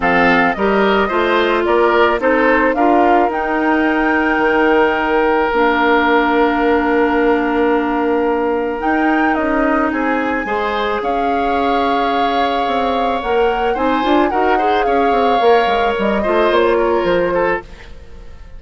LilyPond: <<
  \new Staff \with { instrumentName = "flute" } { \time 4/4 \tempo 4 = 109 f''4 dis''2 d''4 | c''4 f''4 g''2~ | g''2 f''2~ | f''1 |
g''4 dis''4 gis''2 | f''1 | fis''4 gis''4 fis''4 f''4~ | f''4 dis''4 cis''4 c''4 | }
  \new Staff \with { instrumentName = "oboe" } { \time 4/4 a'4 ais'4 c''4 ais'4 | a'4 ais'2.~ | ais'1~ | ais'1~ |
ais'2 gis'4 c''4 | cis''1~ | cis''4 c''4 ais'8 c''8 cis''4~ | cis''4. c''4 ais'4 a'8 | }
  \new Staff \with { instrumentName = "clarinet" } { \time 4/4 c'4 g'4 f'2 | dis'4 f'4 dis'2~ | dis'2 d'2~ | d'1 |
dis'2. gis'4~ | gis'1 | ais'4 dis'8 f'8 fis'8 gis'4. | ais'4. f'2~ f'8 | }
  \new Staff \with { instrumentName = "bassoon" } { \time 4/4 f4 g4 a4 ais4 | c'4 d'4 dis'2 | dis2 ais2~ | ais1 |
dis'4 cis'4 c'4 gis4 | cis'2. c'4 | ais4 c'8 d'8 dis'4 cis'8 c'8 | ais8 gis8 g8 a8 ais4 f4 | }
>>